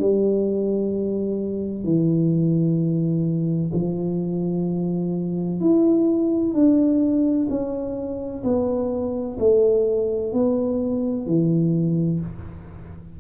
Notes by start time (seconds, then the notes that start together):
0.00 G3
1.84 E3
3.74 F3
5.61 E4
6.54 D4
7.50 C#4
8.44 B3
9.40 A3
10.33 B3
11.27 E3